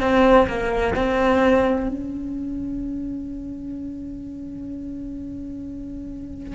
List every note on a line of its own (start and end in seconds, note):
0.00 0.47 C4
0.47 0.94 A#3
0.95 1.88 C4
1.89 6.55 C#4